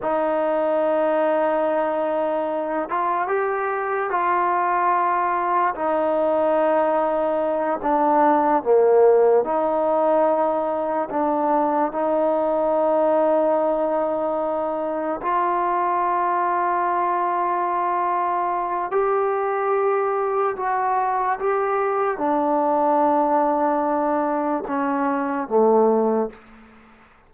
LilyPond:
\new Staff \with { instrumentName = "trombone" } { \time 4/4 \tempo 4 = 73 dis'2.~ dis'8 f'8 | g'4 f'2 dis'4~ | dis'4. d'4 ais4 dis'8~ | dis'4. d'4 dis'4.~ |
dis'2~ dis'8 f'4.~ | f'2. g'4~ | g'4 fis'4 g'4 d'4~ | d'2 cis'4 a4 | }